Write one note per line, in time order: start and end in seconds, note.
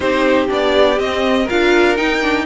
0.00 0.49 C4
0.00 0.47 D#4
0.00 1.44 G4
0.00 0.48 C5
0.47 0.99 B3
0.47 0.96 D4
0.47 0.99 D5
0.96 1.46 C4
0.96 1.48 C4
0.96 1.48 D#5
1.44 1.95 F4
1.44 2.43 A#4
1.44 1.96 F5
1.51 1.98 D4
1.95 2.20 D#4
1.95 2.46 D#4
1.95 2.45 G5
2.20 2.45 D4